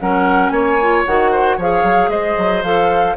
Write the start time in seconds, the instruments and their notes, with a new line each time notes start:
0.00 bassoon F#3, clarinet C#4, oboe A#4, flute F#5
0.49 bassoon A#3, oboe C#5, flute G#5
0.81 clarinet F4
1.06 bassoon D#3, clarinet F#4, flute F#5
1.31 oboe C5
1.56 bassoon F3, clarinet G#4, oboe C#5, flute F5
1.83 bassoon F#3
2.08 bassoon G#3, oboe C5, flute D#5
2.37 bassoon F#3
2.63 bassoon F3, clarinet A4, flute F5